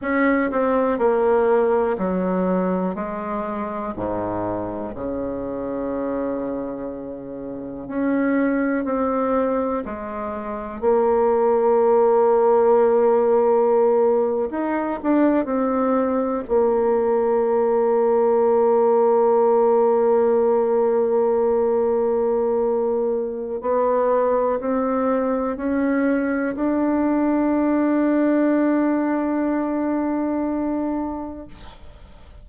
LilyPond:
\new Staff \with { instrumentName = "bassoon" } { \time 4/4 \tempo 4 = 61 cis'8 c'8 ais4 fis4 gis4 | gis,4 cis2. | cis'4 c'4 gis4 ais4~ | ais2~ ais8. dis'8 d'8 c'16~ |
c'8. ais2.~ ais16~ | ais1 | b4 c'4 cis'4 d'4~ | d'1 | }